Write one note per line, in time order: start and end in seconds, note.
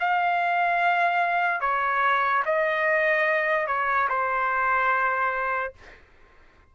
0.00 1.61 F5
1.61 2.43 C#5
2.45 3.68 D#5
3.68 4.09 C#5
4.09 5.74 C5